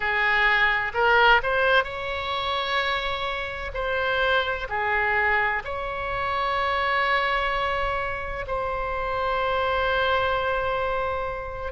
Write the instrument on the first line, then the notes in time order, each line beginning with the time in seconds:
oboe
0.00 G#4
0.94 A#4
1.42 C5
1.84 C#5
3.74 C5
4.69 G#4
5.64 C#5
8.47 C5